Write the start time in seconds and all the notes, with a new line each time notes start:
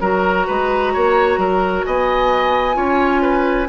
0.00 F#3 F#4 A#4 A#5
0.47 G#3 B4
0.93 A#3 C#5
1.37 F#3 A#4
1.84 B3 D#5 G#5
2.74 C#4 F4 C#5
3.21 B4